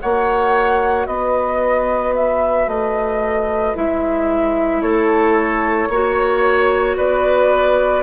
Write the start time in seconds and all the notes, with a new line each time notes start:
0.00 A#3 F#4 C#5 F#5
1.06 B3 B4 D#5
2.15 E5
2.67 A3 D#5
3.75 G#3 E4 E5
4.81 A3 A4 C#5
5.88 A#3 F#4 C#5
6.96 B3 B4 D5